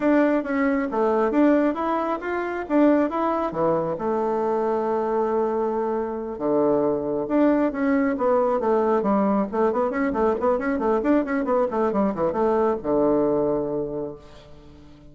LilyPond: \new Staff \with { instrumentName = "bassoon" } { \time 4/4 \tempo 4 = 136 d'4 cis'4 a4 d'4 | e'4 f'4 d'4 e'4 | e4 a2.~ | a2~ a8 d4.~ |
d8 d'4 cis'4 b4 a8~ | a8 g4 a8 b8 cis'8 a8 b8 | cis'8 a8 d'8 cis'8 b8 a8 g8 e8 | a4 d2. | }